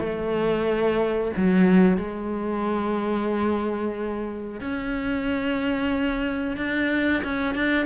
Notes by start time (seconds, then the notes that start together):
0.00 A3
1.37 F#3
1.98 G#3
4.61 C#4
6.57 D4
7.24 C#4
7.55 D4